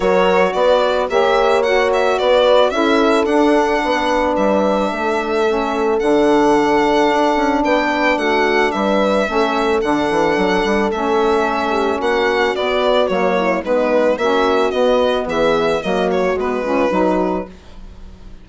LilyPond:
<<
  \new Staff \with { instrumentName = "violin" } { \time 4/4 \tempo 4 = 110 cis''4 d''4 e''4 fis''8 e''8 | d''4 e''4 fis''2 | e''2. fis''4~ | fis''2 g''4 fis''4 |
e''2 fis''2 | e''2 fis''4 d''4 | cis''4 b'4 e''4 dis''4 | e''4 dis''8 cis''8 b'2 | }
  \new Staff \with { instrumentName = "horn" } { \time 4/4 ais'4 b'4 cis''2 | b'4 a'2 b'4~ | b'4 a'2.~ | a'2 b'4 fis'4 |
b'4 a'2.~ | a'4. g'8 fis'2~ | fis'8 e'8 dis'4 fis'2 | gis'4 fis'4. f'8 fis'4 | }
  \new Staff \with { instrumentName = "saxophone" } { \time 4/4 fis'2 g'4 fis'4~ | fis'4 e'4 d'2~ | d'2 cis'4 d'4~ | d'1~ |
d'4 cis'4 d'2 | cis'2. b4 | ais4 b4 cis'4 b4~ | b4 ais4 b8 cis'8 dis'4 | }
  \new Staff \with { instrumentName = "bassoon" } { \time 4/4 fis4 b4 ais2 | b4 cis'4 d'4 b4 | g4 a2 d4~ | d4 d'8 cis'8 b4 a4 |
g4 a4 d8 e8 fis8 g8 | a2 ais4 b4 | fis4 gis4 ais4 b4 | e4 fis4 gis4 fis4 | }
>>